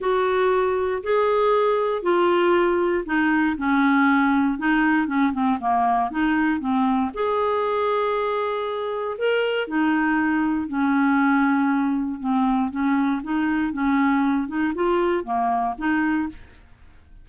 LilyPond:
\new Staff \with { instrumentName = "clarinet" } { \time 4/4 \tempo 4 = 118 fis'2 gis'2 | f'2 dis'4 cis'4~ | cis'4 dis'4 cis'8 c'8 ais4 | dis'4 c'4 gis'2~ |
gis'2 ais'4 dis'4~ | dis'4 cis'2. | c'4 cis'4 dis'4 cis'4~ | cis'8 dis'8 f'4 ais4 dis'4 | }